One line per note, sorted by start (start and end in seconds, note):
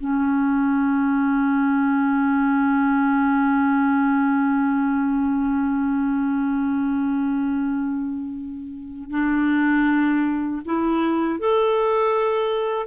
0.00 9.10 C#4
9.10 10.62 D4
10.65 11.39 E4
11.39 12.86 A4